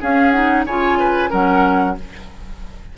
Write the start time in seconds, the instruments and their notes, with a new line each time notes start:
0.00 clarinet C#4, bassoon C#4, oboe G#4, flute F5
0.31 clarinet D#4, flute F#5
0.65 bassoon C#3, clarinet F4, oboe C#5, flute G#5
0.99 oboe B4
1.29 bassoon F#3, clarinet C#4, oboe A#4, flute F#5